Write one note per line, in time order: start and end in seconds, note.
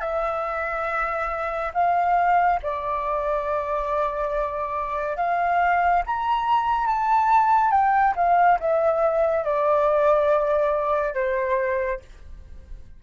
0.00 1.71 E5
1.73 2.59 F5
2.62 5.16 D5
5.16 6.02 F5
6.06 6.86 A#5
6.86 7.71 A5
7.71 8.14 G5
8.15 8.58 F5
8.59 9.44 E5
9.44 11.14 D5
11.14 12.00 C5